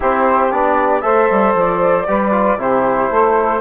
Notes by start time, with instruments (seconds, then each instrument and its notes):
0.00 bassoon C4, trombone E4, saxophone G4, flute C5
0.51 bassoon B3, trombone D4, flute D5
1.01 bassoon A3, trombone A4, saxophone C5, flute E5
1.30 bassoon G3
1.54 bassoon F3, flute D5
2.06 bassoon G3, trombone G4, saxophone B4
2.31 trombone F4
2.57 bassoon C3, trombone E4, saxophone G4, flute C5
3.10 bassoon A3, saxophone A4